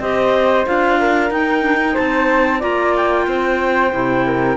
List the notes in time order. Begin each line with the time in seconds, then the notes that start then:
0.00 C4 G4 C5 D#5
0.66 D4 F4 F5
1.00 A#4
1.31 D#4 G5
1.61 D4
1.81 D#4
1.94 C4 C5 A5
2.60 A#3 F4 D5 A#5
2.96 G5
3.28 C4 C5
3.93 C3 E4
4.26 A#4